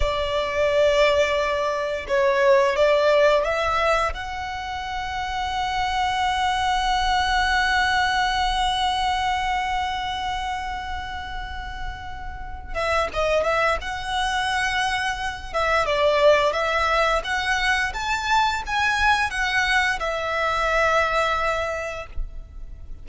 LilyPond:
\new Staff \with { instrumentName = "violin" } { \time 4/4 \tempo 4 = 87 d''2. cis''4 | d''4 e''4 fis''2~ | fis''1~ | fis''1~ |
fis''2~ fis''8 e''8 dis''8 e''8 | fis''2~ fis''8 e''8 d''4 | e''4 fis''4 a''4 gis''4 | fis''4 e''2. | }